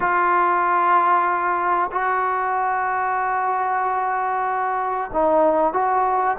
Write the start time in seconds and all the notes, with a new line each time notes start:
0.00 F4
1.91 F#4
5.13 D#4
5.73 F#4